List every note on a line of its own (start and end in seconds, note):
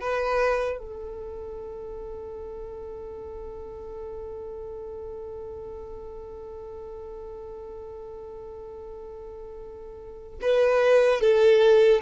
0.00 0.78 B4
0.78 10.38 A4
10.41 11.20 B4
11.20 12.00 A4